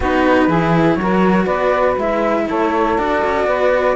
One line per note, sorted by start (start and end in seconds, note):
0.00 0.47 B3
0.00 0.50 D#4
0.00 0.47 F#4
0.00 0.95 B4
0.47 0.96 E3
0.47 0.99 E4
0.47 0.97 G#4
0.95 1.46 F#3
0.95 1.45 C#5
1.01 2.00 F#4
1.01 1.45 A#4
1.45 1.96 B3
1.45 2.44 B4
1.45 1.95 D5
1.97 2.46 G#3
1.97 2.98 E4
1.97 2.48 E5
2.48 2.98 A3
2.48 3.46 A4
2.48 2.98 C#5
2.98 3.22 D4
2.98 3.95 F#4
2.98 3.95 D5
3.24 3.46 C#4
3.46 3.95 B3
3.46 3.95 B4